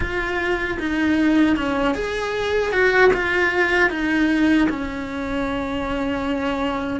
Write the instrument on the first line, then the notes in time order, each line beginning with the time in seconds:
cello
0.00 F4
0.79 D#4
1.56 C#4
1.94 G#4
2.72 F#4
3.13 F4
3.90 D#4
4.69 C#4